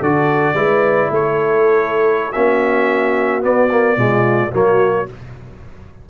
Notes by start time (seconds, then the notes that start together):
0.00 D3 F#4 A4 D5
0.54 G#3 E4 B4
1.11 A3 A4 C#5
2.32 A#3 C#4 F#4 E5
3.41 B3 D5
3.71 A#3
3.97 B2 G#3 F4
4.50 F#3 A#3 F#4 C#5